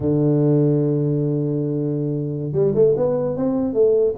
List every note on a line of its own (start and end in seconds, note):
0.00 2.52 D3
2.52 2.72 G3
2.74 2.94 A3
2.96 3.36 B3
3.36 3.73 C4
3.73 4.14 A3